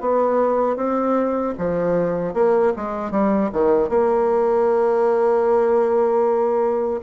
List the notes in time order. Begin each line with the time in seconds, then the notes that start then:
0.00 B3
0.76 C4
1.57 F3
2.33 A#3
2.76 G#3
3.11 G3
3.52 D#3
3.89 A#3